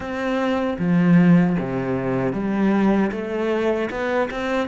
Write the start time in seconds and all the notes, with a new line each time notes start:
0.00 C4
0.78 F3
1.59 C3
2.32 G3
3.11 A3
3.90 B3
4.30 C4